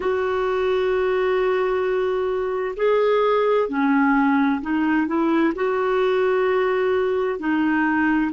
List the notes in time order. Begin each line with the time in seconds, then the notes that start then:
0.00 F#4
2.76 G#4
3.68 C#4
4.61 D#4
5.07 E4
5.55 F#4
7.38 D#4